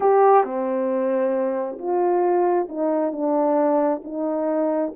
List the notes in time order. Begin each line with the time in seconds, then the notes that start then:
0.00 G4
0.43 C4
1.78 F4
2.69 D#4
3.12 D4
4.04 D#4